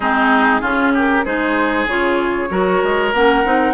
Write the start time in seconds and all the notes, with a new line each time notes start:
0.00 G#3 C4 D#4 G#4
0.61 C#3 C#4 F4
0.93 G4 A#4
1.24 G#3 D#4 G#4 C5
1.86 C#3 F4 C#5
2.49 F#3 F#4 A#4
2.83 G#3
3.13 A#3 C#4 F#5
3.44 C4 D#4